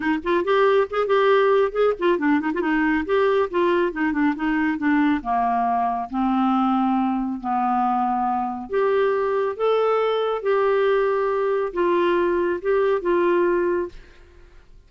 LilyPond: \new Staff \with { instrumentName = "clarinet" } { \time 4/4 \tempo 4 = 138 dis'8 f'8 g'4 gis'8 g'4. | gis'8 f'8 d'8 dis'16 f'16 dis'4 g'4 | f'4 dis'8 d'8 dis'4 d'4 | ais2 c'2~ |
c'4 b2. | g'2 a'2 | g'2. f'4~ | f'4 g'4 f'2 | }